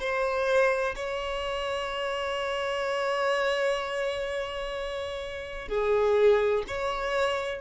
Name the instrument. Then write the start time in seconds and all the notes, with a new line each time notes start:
violin
0.00 C5
0.96 C#5
5.68 G#4
6.68 C#5